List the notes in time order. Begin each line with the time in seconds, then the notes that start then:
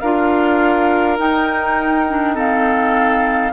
0.00 D4 F4 A#4 F5
1.18 D#4 G5
2.09 D4
2.35 C4 A4 F5